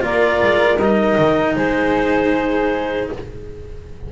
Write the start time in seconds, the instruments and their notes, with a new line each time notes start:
0.00 double bass A#3, cello F4, flute A#4, clarinet D5
0.42 double bass G#3
0.77 double bass G3, cello D#4, clarinet D#5
1.18 double bass D#3
1.55 double bass G#3, flute G#4, clarinet C5